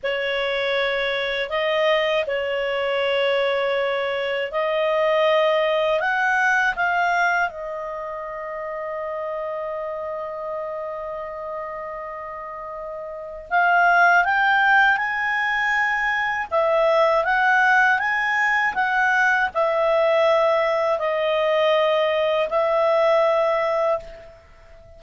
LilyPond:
\new Staff \with { instrumentName = "clarinet" } { \time 4/4 \tempo 4 = 80 cis''2 dis''4 cis''4~ | cis''2 dis''2 | fis''4 f''4 dis''2~ | dis''1~ |
dis''2 f''4 g''4 | gis''2 e''4 fis''4 | gis''4 fis''4 e''2 | dis''2 e''2 | }